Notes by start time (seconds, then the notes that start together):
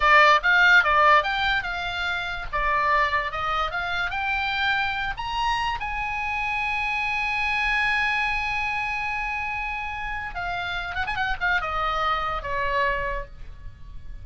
0.00 D5
0.43 F5
0.83 D5
1.23 G5
1.63 F5
2.52 D5
3.31 D#5
3.71 F5
4.10 G5
5.17 A#5
5.80 G#5
10.34 F5
10.95 F#5
11.06 G#5
11.15 F#5
11.40 F5
11.61 D#5
12.42 C#5